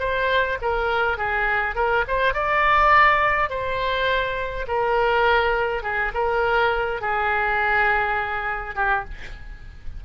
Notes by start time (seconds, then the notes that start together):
0.00 C5
0.62 A#4
1.18 G#4
1.76 A#4
2.08 C5
2.34 D5
3.50 C5
4.68 A#4
5.83 G#4
6.14 A#4
7.01 G#4
8.76 G4